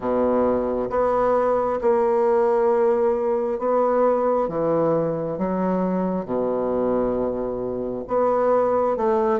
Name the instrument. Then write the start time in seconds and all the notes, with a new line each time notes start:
bassoon
0.00 B2
0.90 B3
1.81 A#3
3.59 B3
4.48 E3
5.37 F#3
6.25 B2
8.07 B3
8.96 A3